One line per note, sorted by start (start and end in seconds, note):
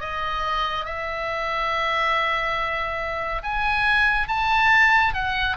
0.00 0.85 D#5
0.85 3.42 E5
3.43 4.28 G#5
4.28 5.14 A5
5.14 5.56 F#5